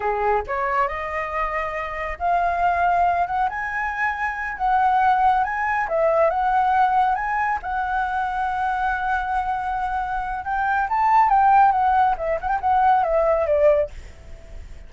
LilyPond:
\new Staff \with { instrumentName = "flute" } { \time 4/4 \tempo 4 = 138 gis'4 cis''4 dis''2~ | dis''4 f''2~ f''8 fis''8 | gis''2~ gis''8 fis''4.~ | fis''8 gis''4 e''4 fis''4.~ |
fis''8 gis''4 fis''2~ fis''8~ | fis''1 | g''4 a''4 g''4 fis''4 | e''8 fis''16 g''16 fis''4 e''4 d''4 | }